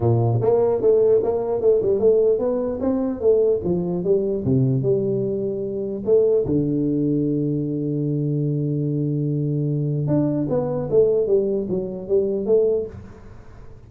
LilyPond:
\new Staff \with { instrumentName = "tuba" } { \time 4/4 \tempo 4 = 149 ais,4 ais4 a4 ais4 | a8 g8 a4 b4 c'4 | a4 f4 g4 c4 | g2. a4 |
d1~ | d1~ | d4 d'4 b4 a4 | g4 fis4 g4 a4 | }